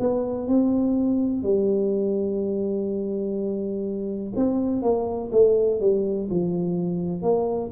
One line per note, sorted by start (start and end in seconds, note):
0.00 0.48 B3
0.48 1.43 C4
1.43 4.33 G3
4.36 4.83 C4
4.83 5.31 A#3
5.32 5.80 A3
5.81 6.29 G3
6.30 7.22 F3
7.22 7.71 A#3